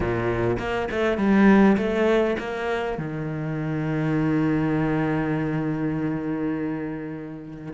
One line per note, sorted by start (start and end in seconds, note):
0.00 0.57 A#2
0.58 0.88 A#3
0.91 1.17 A3
1.17 1.77 G3
1.77 2.36 A3
2.38 2.98 A#3
2.98 7.73 D#3